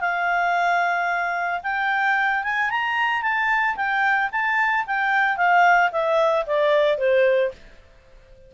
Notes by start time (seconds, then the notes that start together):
0.00 F5
1.63 G5
2.43 G#5
2.70 A#5
3.22 A5
3.76 G5
4.31 A5
4.86 G5
5.37 F5
5.91 E5
6.46 D5
6.98 C5